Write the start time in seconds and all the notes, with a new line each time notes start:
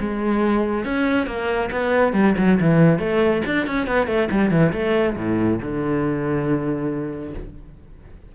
0.00 G#3
0.85 C#4
1.27 A#3
1.72 B3
2.13 G3
2.38 F#3
2.60 E3
2.99 A3
3.46 D4
3.67 C#4
3.87 B3
4.07 A3
4.31 G3
4.51 E3
4.73 A3
5.16 A2
5.62 D3